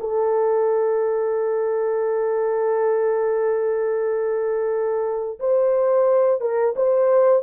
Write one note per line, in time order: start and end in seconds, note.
0.00 5.39 A4
5.40 6.41 C5
6.41 6.74 A#4
6.76 7.43 C5